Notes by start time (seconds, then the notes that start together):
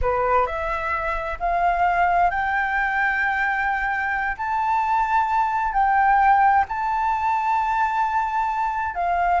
0.01 B4
0.46 E5
1.39 F5
2.30 G5
4.37 A5
5.73 G5
6.68 A5
8.94 F5